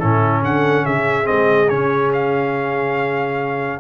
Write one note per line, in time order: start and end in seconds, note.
0.00 0.43 A2
0.00 1.24 C#4
0.00 0.43 E4
0.00 0.42 A4
0.43 0.85 D3
0.43 0.85 A4
0.43 0.85 F#5
0.85 1.28 C#3
0.85 3.80 G#4
0.85 1.27 E5
1.24 1.71 G#3
1.24 1.67 C4
1.24 1.69 D#5
1.69 3.80 C#3
1.69 3.80 C#4
1.69 2.11 C#5
2.13 3.80 F5